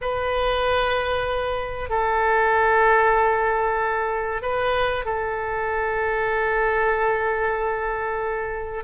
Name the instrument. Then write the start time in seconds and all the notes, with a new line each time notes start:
oboe
0.01 B4
1.89 A4
4.42 B4
5.05 A4